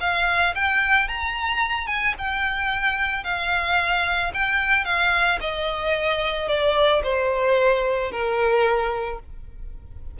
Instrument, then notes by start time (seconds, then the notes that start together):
violin
0.00 F5
0.55 G5
1.08 A#5
1.87 G#5
2.18 G5
3.24 F5
4.33 G5
4.85 F5
5.40 D#5
6.48 D5
7.03 C5
8.11 A#4